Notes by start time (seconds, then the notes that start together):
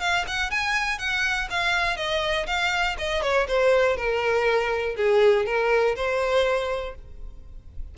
0.00 F5
0.27 F#5
0.51 G#5
0.99 F#5
1.50 F5
1.97 D#5
2.47 F5
2.98 D#5
3.22 C#5
3.48 C5
3.96 A#4
4.97 G#4
5.46 A#4
5.96 C5